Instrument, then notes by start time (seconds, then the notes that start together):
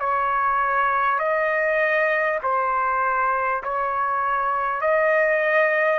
trumpet
0.00 C#5
1.19 D#5
2.43 C5
3.64 C#5
4.81 D#5